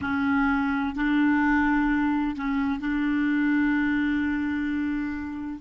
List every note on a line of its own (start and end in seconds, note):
0.01 0.95 C#4
0.95 2.36 D4
2.36 2.79 C#4
2.79 5.60 D4